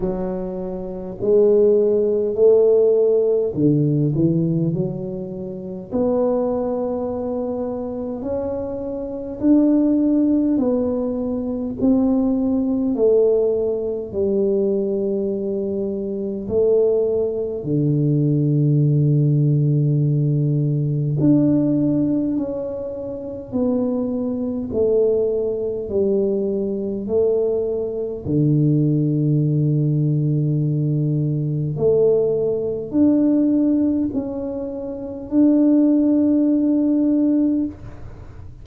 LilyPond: \new Staff \with { instrumentName = "tuba" } { \time 4/4 \tempo 4 = 51 fis4 gis4 a4 d8 e8 | fis4 b2 cis'4 | d'4 b4 c'4 a4 | g2 a4 d4~ |
d2 d'4 cis'4 | b4 a4 g4 a4 | d2. a4 | d'4 cis'4 d'2 | }